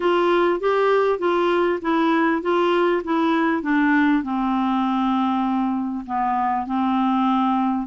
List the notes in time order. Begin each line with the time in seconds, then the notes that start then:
0.00 F4
0.60 G4
1.18 F4
1.81 E4
2.41 F4
3.04 E4
3.62 D4
4.23 C4
6.06 B3
6.66 C4